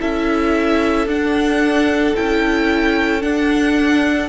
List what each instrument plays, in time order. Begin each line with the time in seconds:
0.00 cello C#4, viola E4, violin A4 E5
1.07 cello D4, viola D4, violin F#5
2.15 cello C#4, viola E4, violin G5
3.21 viola D4, cello D4, violin F#5